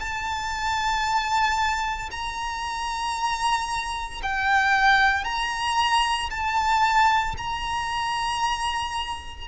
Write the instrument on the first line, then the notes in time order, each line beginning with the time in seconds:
violin
0.00 A5
2.11 A#5
4.23 G5
5.25 A#5
6.31 A5
7.38 A#5